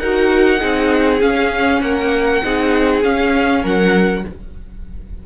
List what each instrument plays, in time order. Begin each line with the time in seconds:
0.00 cello D#4, viola F#4, violin A#4 F#5
0.59 cello C4, viola D#4, violin G#4
1.21 viola C#4, cello C#4, violin F5
1.82 cello A#3, violin A#4 F#5
2.44 cello C4, viola D#4, violin G#4
3.03 viola C#4, cello C#4, violin F5
3.63 cello F#3, violin A#4 F#5